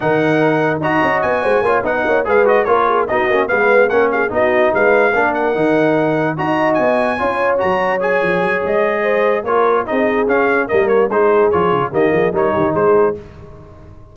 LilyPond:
<<
  \new Staff \with { instrumentName = "trumpet" } { \time 4/4 \tempo 4 = 146 fis''2 ais''4 gis''4~ | gis''8 fis''4 f''8 dis''8 cis''4 dis''8~ | dis''8 f''4 fis''8 f''8 dis''4 f''8~ | f''4 fis''2~ fis''8 ais''8~ |
ais''8 gis''2 ais''4 gis''8~ | gis''4 dis''2 cis''4 | dis''4 f''4 dis''8 cis''8 c''4 | cis''4 dis''4 cis''4 c''4 | }
  \new Staff \with { instrumentName = "horn" } { \time 4/4 ais'2 dis''4. c''8 | cis''8 dis''8 cis''8 b'4 ais'8 gis'8 fis'8~ | fis'8 b'4 ais'8 gis'8 fis'4 b'8~ | b'8 ais'2. dis''8~ |
dis''4. cis''2~ cis''8~ | cis''2 c''4 ais'4 | gis'2 ais'4 gis'4~ | gis'4 g'8 gis'8 ais'8 g'8 gis'4 | }
  \new Staff \with { instrumentName = "trombone" } { \time 4/4 dis'2 fis'2 | f'8 dis'4 gis'8 fis'8 f'4 dis'8 | cis'8 b4 cis'4 dis'4.~ | dis'8 d'4 dis'2 fis'8~ |
fis'4. f'4 fis'4 gis'8~ | gis'2. f'4 | dis'4 cis'4 ais4 dis'4 | f'4 ais4 dis'2 | }
  \new Staff \with { instrumentName = "tuba" } { \time 4/4 dis2 dis'8 cis'8 b8 gis8 | ais8 b8 ais8 gis4 ais4 b8 | ais8 gis4 ais4 b4 gis8~ | gis8 ais4 dis2 dis'8~ |
dis'8 b4 cis'4 fis4. | f8 fis8 gis2 ais4 | c'4 cis'4 g4 gis4 | f8 cis8 dis8 f8 g8 dis8 gis4 | }
>>